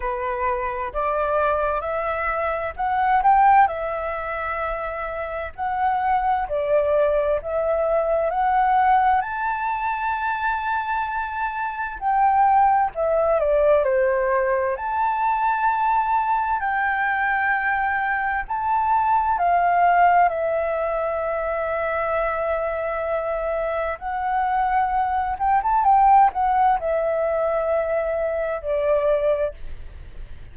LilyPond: \new Staff \with { instrumentName = "flute" } { \time 4/4 \tempo 4 = 65 b'4 d''4 e''4 fis''8 g''8 | e''2 fis''4 d''4 | e''4 fis''4 a''2~ | a''4 g''4 e''8 d''8 c''4 |
a''2 g''2 | a''4 f''4 e''2~ | e''2 fis''4. g''16 a''16 | g''8 fis''8 e''2 d''4 | }